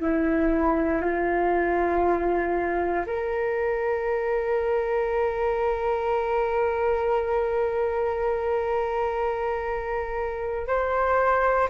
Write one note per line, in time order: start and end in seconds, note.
0.00 1.01 E4
1.01 3.05 F4
3.06 10.67 A#4
10.67 11.69 C5